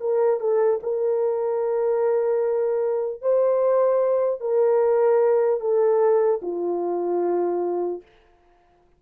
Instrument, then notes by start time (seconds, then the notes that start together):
horn
0.00 A#4
0.40 A4
0.83 A#4
3.21 C5
4.40 A#4
5.60 A4
6.42 F4